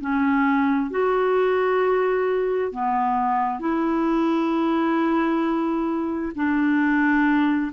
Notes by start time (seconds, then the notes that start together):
0.00 C#4
0.90 F#4
2.71 B3
3.60 E4
6.35 D4